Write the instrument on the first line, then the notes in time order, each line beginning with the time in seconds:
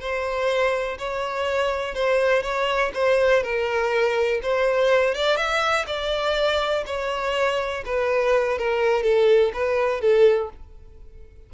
violin
0.00 C5
0.98 C#5
1.94 C5
2.43 C#5
2.94 C5
3.43 A#4
4.42 C5
5.14 D5
5.37 E5
5.86 D5
6.86 C#5
7.85 B4
8.58 A#4
9.03 A4
9.53 B4
10.01 A4